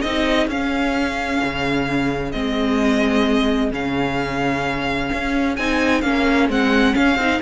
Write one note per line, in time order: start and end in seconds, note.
0.00 0.47 C4
0.00 0.51 D#4
0.00 7.38 G#4
0.00 0.47 D#5
0.47 1.40 C#4
0.47 2.33 C#4
0.47 2.32 F5
1.44 2.34 C#3
2.32 3.71 G#3
2.32 3.71 C4
2.32 3.70 D#5
3.71 5.10 C#3
3.71 5.56 C#4
3.71 5.56 F5
5.12 5.58 C#4
5.56 6.03 C4
5.56 6.04 D#4
5.56 6.01 G#5
6.01 6.48 A#3
6.01 6.50 C#4
6.01 6.47 F5
6.48 6.95 G#3
6.48 6.93 C4
6.48 6.95 F#5
6.93 7.17 C#4
6.93 7.16 C#4
6.93 7.41 F5
7.16 7.39 C4
7.16 7.42 D#4